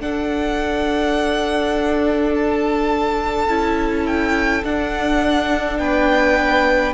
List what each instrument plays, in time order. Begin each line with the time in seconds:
0.00 viola D4, cello D4, violin A4 F#5
2.36 violin A5
3.48 cello C#4, viola E4
4.06 violin G5
4.64 cello D4, viola D4, violin F#5
5.78 cello B3, violin B4 G5